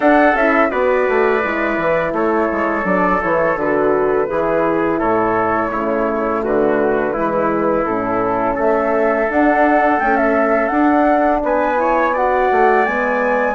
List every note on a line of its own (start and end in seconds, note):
0.00 0.33 D4
0.00 0.37 D4
0.00 0.69 A4
0.00 0.35 F#5
0.34 0.70 C#4
0.34 0.70 E4
0.34 0.70 E5
0.70 1.08 B3
0.70 1.41 F#4
0.70 2.13 B4
0.70 2.13 D5
1.08 1.44 A3
1.43 1.77 G#3
1.43 2.84 E4
1.77 2.12 E3
2.12 2.48 A3
2.12 4.29 A4
2.12 2.85 C#5
2.51 2.84 G#3
2.84 3.20 F#3
2.84 3.19 D4
2.84 3.21 D5
3.21 3.56 E3
3.21 3.56 E4
3.21 3.58 C#5
3.56 4.27 D3
3.56 4.28 F#4
3.56 5.00 B4
4.28 5.00 E3
4.28 5.70 E4
4.28 4.99 G#4
4.99 5.72 A2
4.99 5.70 A4
4.99 6.42 C#5
5.70 6.44 C#3
5.70 7.13 A3
5.70 6.43 E4
6.43 7.16 D3
6.43 7.13 F#4
6.43 7.85 B4
7.13 7.85 E3
7.13 7.85 G#3
7.13 8.54 E4
7.85 8.57 A2
7.85 9.27 C#4
7.85 8.56 A4
8.54 9.29 A3
8.54 11.40 A4
8.54 9.31 E5
9.27 9.98 D4
9.27 10.01 D4
9.27 9.99 F#5
9.98 10.69 A3
9.98 10.71 C#4
9.98 10.17 G5
10.17 10.68 E5
10.68 11.76 D4
10.68 11.42 D4
10.68 11.39 F#5
11.43 12.50 B3
11.43 11.80 B4
11.43 12.16 G#5
11.76 12.12 E4
11.76 12.13 C#5
12.13 12.86 F#4
12.13 13.55 D5
12.13 12.85 F#5
12.51 12.87 A3
12.85 13.55 G#3
12.85 13.55 B3
12.85 13.55 G#5